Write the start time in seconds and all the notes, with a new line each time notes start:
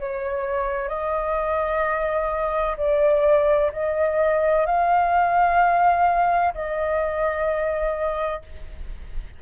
0.00 C#5
0.89 D#5
2.78 D5
3.72 D#5
4.66 F5
6.55 D#5